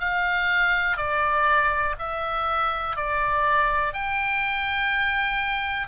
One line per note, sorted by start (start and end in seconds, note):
0.00 0.97 F5
0.97 1.95 D5
1.99 2.96 E5
2.96 3.93 D5
3.93 5.87 G5